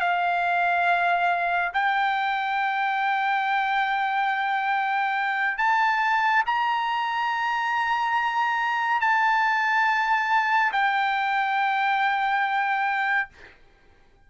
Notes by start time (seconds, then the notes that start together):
0.00 F5
1.73 G5
5.58 A5
6.46 A#5
9.00 A5
10.72 G5